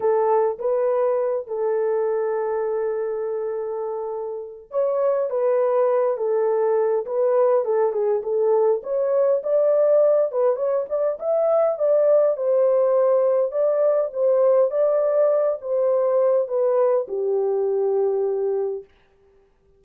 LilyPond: \new Staff \with { instrumentName = "horn" } { \time 4/4 \tempo 4 = 102 a'4 b'4. a'4.~ | a'1 | cis''4 b'4. a'4. | b'4 a'8 gis'8 a'4 cis''4 |
d''4. b'8 cis''8 d''8 e''4 | d''4 c''2 d''4 | c''4 d''4. c''4. | b'4 g'2. | }